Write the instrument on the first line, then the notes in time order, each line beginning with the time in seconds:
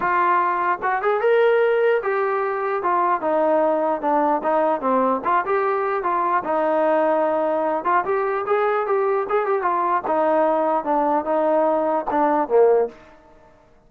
trombone
0.00 F4
0.82 F#4
1.02 G#4
1.20 A#4
2.02 G4
2.82 F4
3.21 D#4
4.01 D4
4.43 D#4
4.80 C4
5.24 F4
5.45 G4
6.03 F4
6.43 D#4
7.84 F4
8.04 G4
8.46 G#4
8.86 G4
9.29 G#4
9.46 G4
9.62 F4
10.07 D#4
10.84 D4
11.24 D#4
12.10 D4
12.48 A#3